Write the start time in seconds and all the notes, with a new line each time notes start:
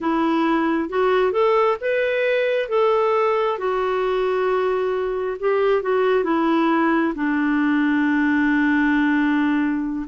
0.00 E4
0.89 F#4
1.31 A4
1.81 B4
2.69 A4
3.58 F#4
5.39 G4
5.82 F#4
6.24 E4
7.15 D4